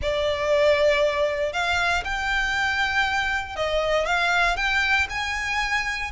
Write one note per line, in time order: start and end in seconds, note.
0.01 1.52 D5
1.52 2.03 F5
2.04 3.56 G5
3.56 4.06 D#5
4.06 4.56 F5
4.56 5.07 G5
5.09 6.11 G#5